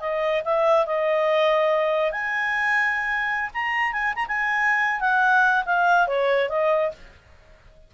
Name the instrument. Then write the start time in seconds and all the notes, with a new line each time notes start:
clarinet
0.00 D#5
0.44 E5
0.86 D#5
2.12 G#5
3.54 A#5
3.92 G#5
4.15 A#5
4.28 G#5
5.00 F#5
5.65 F5
6.07 C#5
6.49 D#5